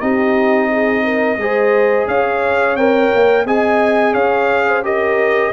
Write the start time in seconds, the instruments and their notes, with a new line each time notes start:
0.00 tuba C4, trombone D#4, horn G4, trumpet D#5
0.69 horn G#4
1.04 horn A#4
1.37 tuba G#3, trombone G#4, horn C5
2.07 tuba C#4, horn C#5, trumpet F5
2.76 tuba C4, trombone A#4, trumpet G5
3.15 tuba A#3
3.45 tuba C4, trombone G#4, horn D#5, trumpet G#5
4.13 tuba C#4, horn C#5, trumpet F5
4.67 horn C5
4.83 trombone G4, horn A#4, trumpet D#5